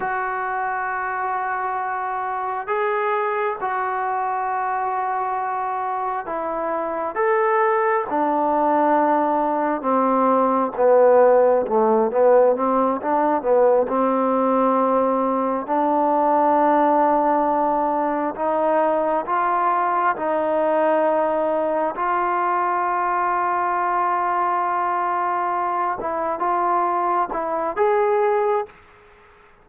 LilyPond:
\new Staff \with { instrumentName = "trombone" } { \time 4/4 \tempo 4 = 67 fis'2. gis'4 | fis'2. e'4 | a'4 d'2 c'4 | b4 a8 b8 c'8 d'8 b8 c'8~ |
c'4. d'2~ d'8~ | d'8 dis'4 f'4 dis'4.~ | dis'8 f'2.~ f'8~ | f'4 e'8 f'4 e'8 gis'4 | }